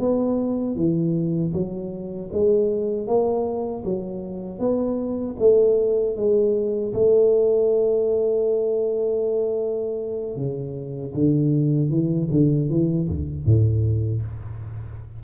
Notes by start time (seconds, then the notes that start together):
0.00 B3
0.76 E3
1.54 F#3
2.33 G#3
3.08 A#3
3.85 F#3
4.59 B3
5.40 A3
6.17 G#3
6.94 A3
10.37 C#3
11.15 D3
11.91 E3
12.31 D3
12.70 E3
13.09 D2
13.46 A2